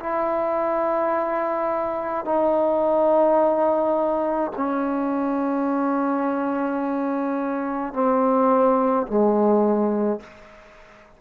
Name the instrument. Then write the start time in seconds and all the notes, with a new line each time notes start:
trombone
0.00 E4
2.25 D#4
4.56 C#4
7.94 C4
9.07 G#3